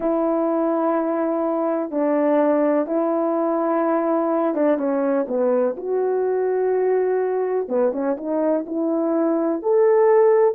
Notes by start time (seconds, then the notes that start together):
0.00 E4
1.90 D4
2.86 E4
4.54 D4
4.78 C#4
5.28 B3
5.76 F#4
7.68 B3
7.92 C#4
8.17 D#4
8.66 E4
9.62 A4